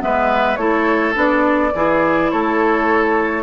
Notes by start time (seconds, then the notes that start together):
0.00 G#3 B3 B4 E5
0.55 A3 E4 A4 C#5
1.14 B3 D4 D5
1.74 E3 E4 G#4
2.30 A3 A4 C#5